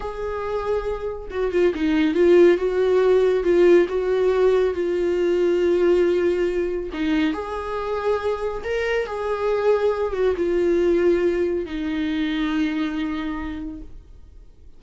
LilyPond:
\new Staff \with { instrumentName = "viola" } { \time 4/4 \tempo 4 = 139 gis'2. fis'8 f'8 | dis'4 f'4 fis'2 | f'4 fis'2 f'4~ | f'1 |
dis'4 gis'2. | ais'4 gis'2~ gis'8 fis'8 | f'2. dis'4~ | dis'1 | }